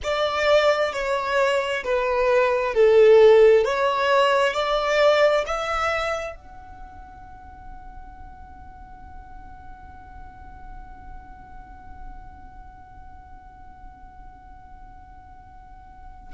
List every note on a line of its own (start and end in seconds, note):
0.03 0.92 D5
0.92 1.83 C#5
1.83 2.74 B4
2.74 3.64 A4
3.64 4.53 C#5
4.53 5.44 D5
5.46 6.35 E5
6.35 16.33 F#5